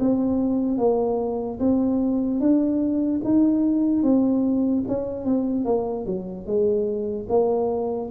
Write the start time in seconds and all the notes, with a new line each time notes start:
0.00 C4
0.78 A#3
1.60 C4
2.40 D4
3.25 D#4
4.04 C4
4.88 C#4
5.26 C4
5.66 A#3
6.06 F#3
6.46 G#3
7.29 A#3